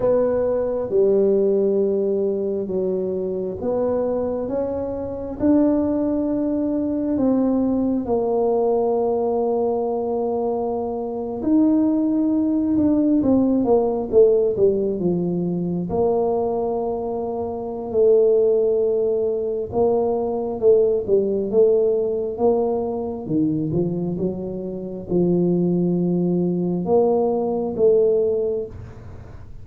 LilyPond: \new Staff \with { instrumentName = "tuba" } { \time 4/4 \tempo 4 = 67 b4 g2 fis4 | b4 cis'4 d'2 | c'4 ais2.~ | ais8. dis'4. d'8 c'8 ais8 a16~ |
a16 g8 f4 ais2~ ais16 | a2 ais4 a8 g8 | a4 ais4 dis8 f8 fis4 | f2 ais4 a4 | }